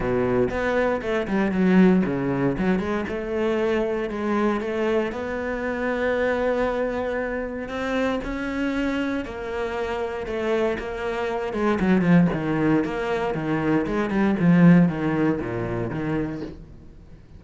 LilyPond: \new Staff \with { instrumentName = "cello" } { \time 4/4 \tempo 4 = 117 b,4 b4 a8 g8 fis4 | cis4 fis8 gis8 a2 | gis4 a4 b2~ | b2. c'4 |
cis'2 ais2 | a4 ais4. gis8 fis8 f8 | dis4 ais4 dis4 gis8 g8 | f4 dis4 ais,4 dis4 | }